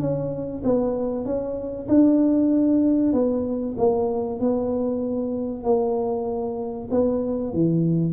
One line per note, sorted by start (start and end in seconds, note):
0.00 0.62 C#4
0.64 1.25 B3
1.25 1.88 C#4
1.89 3.13 D4
3.13 3.76 B3
3.78 4.40 A#3
4.40 5.64 B3
5.64 6.89 A#3
6.91 7.53 B3
7.53 8.13 E3